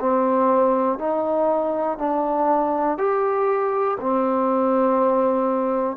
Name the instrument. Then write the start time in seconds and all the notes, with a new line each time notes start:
trombone
0.00 C4
0.99 D#4
1.98 D4
2.98 G4
4.00 C4